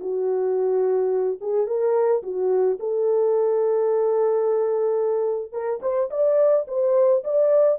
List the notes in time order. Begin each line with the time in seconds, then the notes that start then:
0.00 F#4
1.41 G#4
1.67 A#4
2.23 F#4
2.80 A4
5.53 A#4
5.82 C5
6.11 D5
6.68 C5
7.24 D5